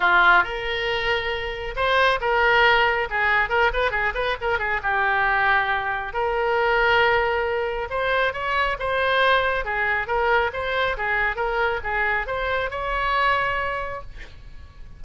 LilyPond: \new Staff \with { instrumentName = "oboe" } { \time 4/4 \tempo 4 = 137 f'4 ais'2. | c''4 ais'2 gis'4 | ais'8 b'8 gis'8 b'8 ais'8 gis'8 g'4~ | g'2 ais'2~ |
ais'2 c''4 cis''4 | c''2 gis'4 ais'4 | c''4 gis'4 ais'4 gis'4 | c''4 cis''2. | }